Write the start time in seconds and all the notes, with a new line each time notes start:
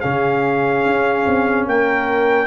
0.00 C#3 C#4 G#4 F5
0.85 C#4
1.26 C4
1.66 A#3 A#4 G5